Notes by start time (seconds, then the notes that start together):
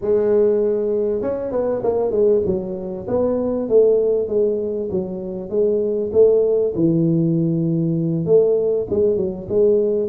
0.01 G#3
1.21 C#4
1.51 B3
1.83 A#3
2.11 G#3
2.45 F#3
3.08 B3
3.68 A3
4.27 G#3
4.90 F#3
5.49 G#3
6.12 A3
6.75 E3
8.25 A3
8.89 G#3
9.16 F#3
9.48 G#3